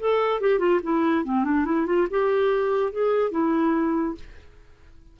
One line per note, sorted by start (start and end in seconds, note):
0.00 0.40 A4
0.40 0.59 G4
0.59 0.80 F4
0.83 1.24 E4
1.24 1.44 C4
1.44 1.65 D4
1.65 1.86 E4
1.86 2.07 F4
2.10 2.92 G4
2.92 3.31 G#4
3.31 4.15 E4